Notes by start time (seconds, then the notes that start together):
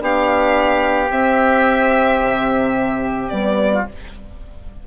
0.00 B3 D4 G4 F5
1.10 C4 E5
2.23 C3
3.29 G3 B3 D5
3.73 F4